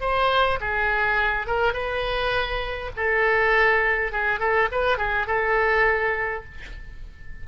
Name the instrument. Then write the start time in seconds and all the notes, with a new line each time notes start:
oboe
0.00 C5
0.60 G#4
1.47 A#4
1.73 B4
2.96 A4
4.12 G#4
4.39 A4
4.71 B4
4.97 G#4
5.26 A4